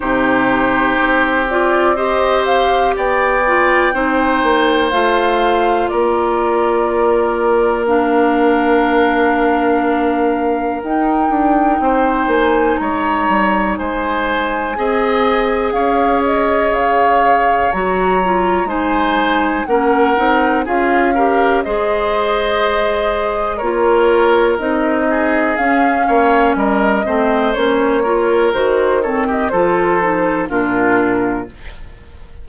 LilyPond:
<<
  \new Staff \with { instrumentName = "flute" } { \time 4/4 \tempo 4 = 61 c''4. d''8 dis''8 f''8 g''4~ | g''4 f''4 d''2 | f''2. g''4~ | g''8 gis''8 ais''4 gis''2 |
f''8 dis''8 f''4 ais''4 gis''4 | fis''4 f''4 dis''2 | cis''4 dis''4 f''4 dis''4 | cis''4 c''8 cis''16 dis''16 c''4 ais'4 | }
  \new Staff \with { instrumentName = "oboe" } { \time 4/4 g'2 c''4 d''4 | c''2 ais'2~ | ais'1 | c''4 cis''4 c''4 dis''4 |
cis''2. c''4 | ais'4 gis'8 ais'8 c''2 | ais'4. gis'4 cis''8 ais'8 c''8~ | c''8 ais'4 a'16 g'16 a'4 f'4 | }
  \new Staff \with { instrumentName = "clarinet" } { \time 4/4 dis'4. f'8 g'4. f'8 | dis'4 f'2. | d'2. dis'4~ | dis'2. gis'4~ |
gis'2 fis'8 f'8 dis'4 | cis'8 dis'8 f'8 g'8 gis'2 | f'4 dis'4 cis'4. c'8 | cis'8 f'8 fis'8 c'8 f'8 dis'8 d'4 | }
  \new Staff \with { instrumentName = "bassoon" } { \time 4/4 c4 c'2 b4 | c'8 ais8 a4 ais2~ | ais2. dis'8 d'8 | c'8 ais8 gis8 g8 gis4 c'4 |
cis'4 cis4 fis4 gis4 | ais8 c'8 cis'4 gis2 | ais4 c'4 cis'8 ais8 g8 a8 | ais4 dis4 f4 ais,4 | }
>>